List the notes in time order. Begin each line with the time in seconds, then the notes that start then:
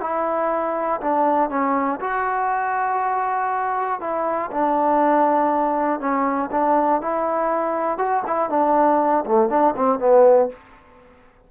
0.00 E4
1.00 D4
1.49 C#4
2.00 F#4
4.00 E4
4.51 D4
6.00 C#4
6.51 D4
7.01 E4
7.97 F#4
8.26 E4
8.49 D4
9.25 A3
9.49 D4
9.76 C4
9.99 B3